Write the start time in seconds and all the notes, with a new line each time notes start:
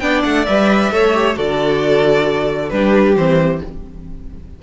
0.00 B3 D4 D5 G5
0.24 A3 F#5
0.46 G3 B4 E5
0.92 A3 A4 C#5
1.14 G4
1.35 D3 F#4 A4 D5
2.70 G3 D4 G4 B4
3.17 E3 C4 C5